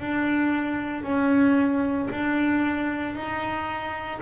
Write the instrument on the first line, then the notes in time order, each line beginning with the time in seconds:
double bass
0.00 D4
1.03 C#4
2.11 D4
3.15 D#4